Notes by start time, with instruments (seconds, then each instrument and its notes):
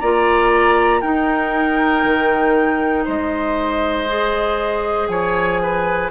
0.00 bassoon A#3, clarinet F4, oboe D5, flute A#5
1.01 bassoon D#4, clarinet D#4, oboe A#4, flute G5
2.04 bassoon D#3
3.05 bassoon G#3, oboe C5, flute D#5
4.08 clarinet G#4
5.08 bassoon F3, oboe C#5, flute G#5
5.62 oboe B4